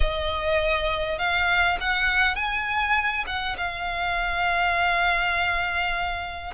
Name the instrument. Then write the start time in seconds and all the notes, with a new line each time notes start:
violin
0.00 D#5
1.18 F5
1.80 F#5
2.35 G#5
3.26 F#5
3.57 F5